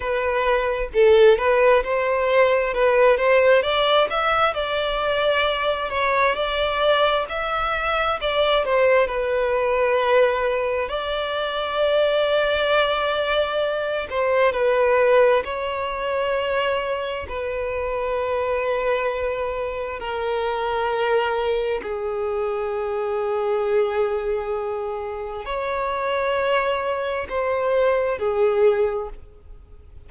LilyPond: \new Staff \with { instrumentName = "violin" } { \time 4/4 \tempo 4 = 66 b'4 a'8 b'8 c''4 b'8 c''8 | d''8 e''8 d''4. cis''8 d''4 | e''4 d''8 c''8 b'2 | d''2.~ d''8 c''8 |
b'4 cis''2 b'4~ | b'2 ais'2 | gis'1 | cis''2 c''4 gis'4 | }